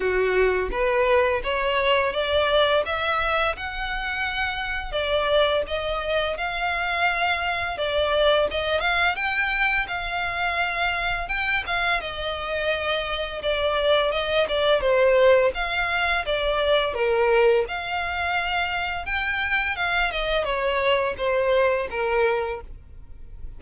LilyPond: \new Staff \with { instrumentName = "violin" } { \time 4/4 \tempo 4 = 85 fis'4 b'4 cis''4 d''4 | e''4 fis''2 d''4 | dis''4 f''2 d''4 | dis''8 f''8 g''4 f''2 |
g''8 f''8 dis''2 d''4 | dis''8 d''8 c''4 f''4 d''4 | ais'4 f''2 g''4 | f''8 dis''8 cis''4 c''4 ais'4 | }